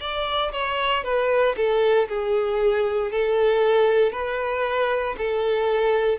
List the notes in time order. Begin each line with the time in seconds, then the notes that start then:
0.00 D5
0.52 C#5
1.04 B4
1.57 A4
2.08 G#4
3.11 A4
4.12 B4
5.18 A4